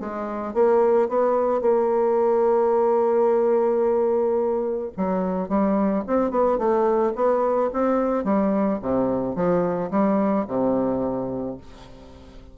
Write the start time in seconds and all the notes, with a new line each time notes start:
0.00 G#3
0.54 A#3
1.09 B3
1.61 A#3
4.97 F#3
5.49 G3
6.07 C4
6.31 B3
6.58 A3
7.15 B3
7.73 C4
8.24 G3
8.82 C3
9.35 F3
9.91 G3
10.47 C3